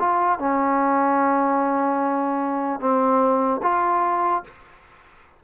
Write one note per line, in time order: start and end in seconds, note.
0.00 0.39 F4
0.39 2.80 C#4
2.80 3.61 C4
3.63 4.44 F4